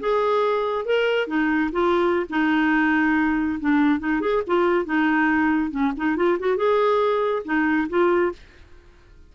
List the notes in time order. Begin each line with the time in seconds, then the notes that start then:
0.00 G#4
0.85 A#4
1.27 D#4
1.72 F4
2.30 D#4
3.60 D4
3.99 D#4
4.21 G#4
4.47 F4
4.85 D#4
5.71 C#4
5.97 D#4
6.16 F4
6.39 F#4
6.57 G#4
7.45 D#4
7.89 F4